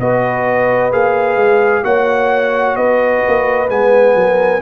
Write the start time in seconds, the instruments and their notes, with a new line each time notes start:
0.00 tuba B3, trombone F#4, horn B4, trumpet D#5
0.92 tuba A#3, trombone G#4, trumpet F5
1.36 tuba G#3
1.83 tuba A#3, trombone F#4, horn C#5, trumpet F#5
2.76 tuba B3, horn B4, trumpet D#5
3.28 tuba A#3
3.70 tuba G#3, trombone B3, trumpet G#5
4.15 tuba F#3, horn A#4